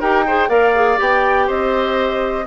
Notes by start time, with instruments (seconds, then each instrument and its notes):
0.00 bassoon D#4, clarinet G4, oboe A#4, flute G5
0.27 clarinet G#4, oboe C5
0.49 bassoon A#3, clarinet A#4, oboe D5, flute F5
0.75 clarinet G#4
0.97 bassoon B3, clarinet G4, flute G5
1.47 bassoon C4, oboe C5, flute D#5